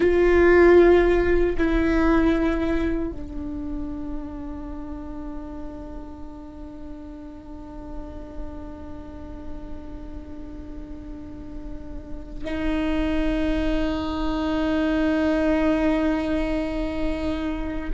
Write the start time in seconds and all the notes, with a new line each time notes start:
0.00 F4
1.57 E4
3.11 D4
12.44 D#4